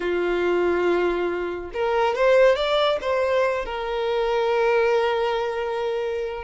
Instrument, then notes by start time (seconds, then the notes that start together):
violin
0.00 F4
1.73 A#4
2.15 C5
2.55 D5
3.01 C5
3.65 A#4